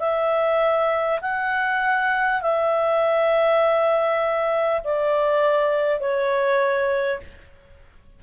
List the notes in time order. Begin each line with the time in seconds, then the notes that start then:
0.00 E5
1.21 F#5
2.42 E5
4.84 D5
6.01 C#5